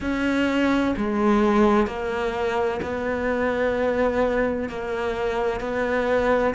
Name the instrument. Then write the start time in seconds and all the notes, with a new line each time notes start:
cello
0.00 C#4
0.96 G#3
1.86 A#3
2.81 B3
4.69 A#3
5.60 B3